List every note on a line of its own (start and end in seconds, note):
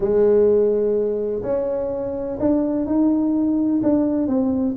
0.00 1.42 G#3
1.42 2.37 C#4
2.39 2.86 D4
2.86 3.81 D#4
3.82 4.27 D4
4.27 4.75 C4